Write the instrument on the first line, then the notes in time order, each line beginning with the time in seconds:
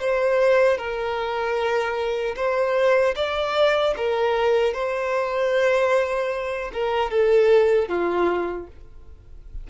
violin
0.00 C5
0.77 A#4
2.36 C5
3.15 D5
3.97 A#4
4.73 C5
6.73 A#4
7.11 A4
7.88 F4